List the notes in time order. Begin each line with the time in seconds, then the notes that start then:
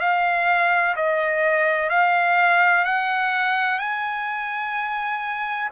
0.00 F5
0.96 D#5
1.90 F5
2.85 F#5
3.79 G#5